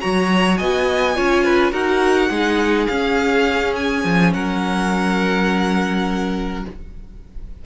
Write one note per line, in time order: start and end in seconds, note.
0.00 0.60 F#3
0.00 1.15 F#4
0.00 0.58 C#5
0.00 0.57 A#5
0.57 1.18 B3
0.57 1.16 D#5
0.57 1.72 G#5
1.15 1.72 C#4
1.15 1.71 F4
1.15 1.43 C#5
1.43 1.71 B4
1.71 2.30 D#4
1.71 2.29 F#4
1.71 2.29 A#4
1.71 2.87 F#5
2.30 2.87 G#3
2.30 2.89 D#4
2.30 4.32 G#4
2.87 4.04 C#4
2.87 6.65 C#4
2.87 3.73 F5
3.75 4.33 G#5
4.04 4.33 F3
4.33 6.65 F#3
4.33 6.65 A#4
4.33 6.64 F#5